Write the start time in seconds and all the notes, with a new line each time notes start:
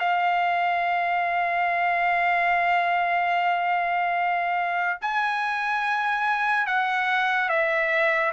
0.00 F5
5.02 G#5
6.67 F#5
7.49 E5